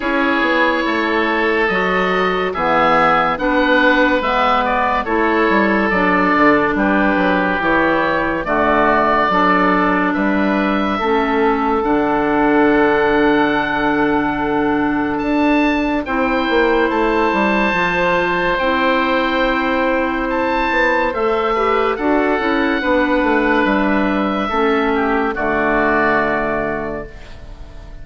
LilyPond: <<
  \new Staff \with { instrumentName = "oboe" } { \time 4/4 \tempo 4 = 71 cis''2 dis''4 e''4 | fis''4 e''8 d''8 cis''4 d''4 | b'4 cis''4 d''2 | e''2 fis''2~ |
fis''2 a''4 g''4 | a''2 g''2 | a''4 e''4 fis''2 | e''2 d''2 | }
  \new Staff \with { instrumentName = "oboe" } { \time 4/4 gis'4 a'2 gis'4 | b'2 a'2 | g'2 fis'4 a'4 | b'4 a'2.~ |
a'2. c''4~ | c''1~ | c''4. b'8 a'4 b'4~ | b'4 a'8 g'8 fis'2 | }
  \new Staff \with { instrumentName = "clarinet" } { \time 4/4 e'2 fis'4 b4 | d'4 b4 e'4 d'4~ | d'4 e'4 a4 d'4~ | d'4 cis'4 d'2~ |
d'2. e'4~ | e'4 f'4 e'2~ | e'4 a'8 g'8 fis'8 e'8 d'4~ | d'4 cis'4 a2 | }
  \new Staff \with { instrumentName = "bassoon" } { \time 4/4 cis'8 b8 a4 fis4 e4 | b4 gis4 a8 g8 fis8 d8 | g8 fis8 e4 d4 fis4 | g4 a4 d2~ |
d2 d'4 c'8 ais8 | a8 g8 f4 c'2~ | c'8 b8 a4 d'8 cis'8 b8 a8 | g4 a4 d2 | }
>>